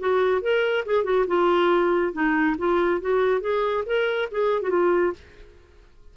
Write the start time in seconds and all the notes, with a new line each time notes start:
0.00 F#4
0.42 A#4
0.86 G#4
1.04 F#4
1.28 F4
2.13 D#4
2.58 F4
3.01 F#4
3.41 G#4
3.86 A#4
4.31 G#4
4.62 F#4
4.70 F4